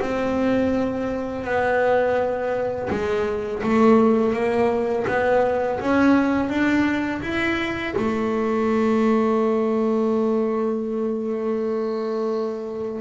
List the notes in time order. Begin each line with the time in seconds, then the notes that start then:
0.00 C4
1.44 B3
2.90 G#3
3.63 A3
4.33 A#3
5.07 B3
5.80 C#4
6.49 D4
7.22 E4
7.96 A3